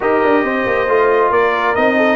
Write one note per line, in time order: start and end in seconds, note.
0.00 0.22 D#4
0.00 0.87 G4
0.00 0.43 A#4
0.00 1.31 D#5
0.24 0.43 D4
0.43 0.65 C4
0.43 1.30 C5
0.66 0.87 A#3
0.87 1.30 A3
0.87 1.76 F4
1.30 1.74 A#3
1.30 1.96 A#4
1.30 1.75 D5
1.75 2.16 C4
1.75 2.16 D#4
1.75 2.16 D#5
1.96 2.16 A4